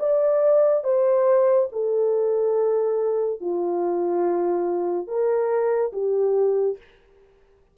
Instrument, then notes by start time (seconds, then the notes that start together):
horn
0.00 D5
0.85 C5
1.73 A4
3.41 F4
5.08 A#4
5.93 G4